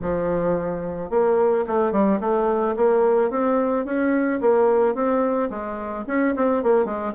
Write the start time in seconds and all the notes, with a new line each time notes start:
0.01 F3
1.09 A#3
1.67 A3
1.92 G3
2.20 A3
2.76 A#3
3.30 C4
3.85 C#4
4.40 A#3
4.94 C4
5.49 G#3
6.07 C#4
6.36 C4
6.63 A#3
6.85 G#3